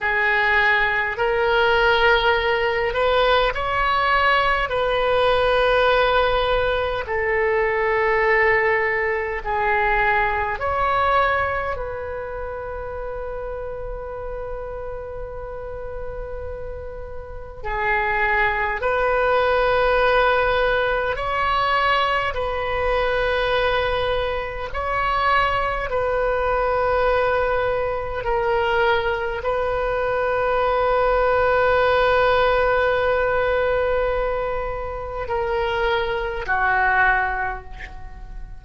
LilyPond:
\new Staff \with { instrumentName = "oboe" } { \time 4/4 \tempo 4 = 51 gis'4 ais'4. b'8 cis''4 | b'2 a'2 | gis'4 cis''4 b'2~ | b'2. gis'4 |
b'2 cis''4 b'4~ | b'4 cis''4 b'2 | ais'4 b'2.~ | b'2 ais'4 fis'4 | }